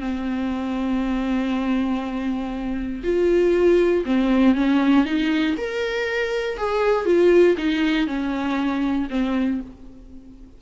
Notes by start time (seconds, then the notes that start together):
0.00 C4
3.03 F4
4.05 C4
4.55 C#4
5.05 D#4
5.57 A#4
6.57 G#4
7.05 F4
7.57 D#4
8.07 C#4
9.10 C4